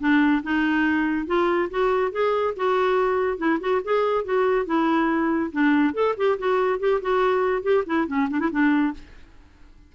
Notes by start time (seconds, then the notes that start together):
0.00 D4
0.43 D#4
1.27 F4
1.70 F#4
2.12 G#4
2.56 F#4
3.38 E4
3.60 F#4
3.84 G#4
4.25 F#4
4.66 E4
5.52 D4
5.94 A4
6.17 G4
6.39 F#4
6.79 G4
7.02 F#4
7.63 G4
7.86 E4
8.08 C#4
8.30 D4
8.40 E4
8.51 D4